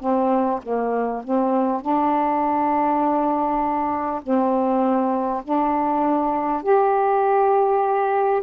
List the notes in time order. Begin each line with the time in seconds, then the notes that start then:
0.00 C4
0.62 A#3
1.24 C4
1.81 D4
4.23 C4
5.43 D4
6.63 G4